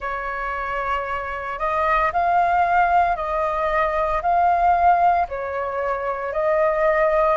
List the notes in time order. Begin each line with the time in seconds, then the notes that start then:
0.00 C#5
1.58 D#5
2.12 F5
3.16 D#5
4.22 F5
5.28 C#5
6.33 D#5